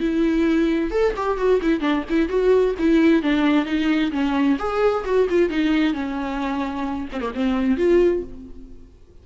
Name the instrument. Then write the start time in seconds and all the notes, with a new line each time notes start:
viola
0.00 E4
0.91 A4
1.17 G4
1.38 F#4
1.62 E4
1.80 D4
2.10 E4
2.29 F#4
2.79 E4
3.22 D4
3.65 D#4
4.12 C#4
4.59 G#4
5.05 F#4
5.30 F4
5.50 D#4
5.94 C#4
7.12 C4
7.21 A#3
7.34 C4
7.77 F4